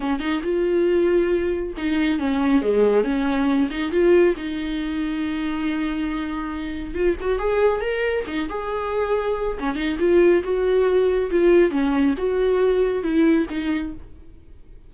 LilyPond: \new Staff \with { instrumentName = "viola" } { \time 4/4 \tempo 4 = 138 cis'8 dis'8 f'2. | dis'4 cis'4 gis4 cis'4~ | cis'8 dis'8 f'4 dis'2~ | dis'1 |
f'8 fis'8 gis'4 ais'4 dis'8 gis'8~ | gis'2 cis'8 dis'8 f'4 | fis'2 f'4 cis'4 | fis'2 e'4 dis'4 | }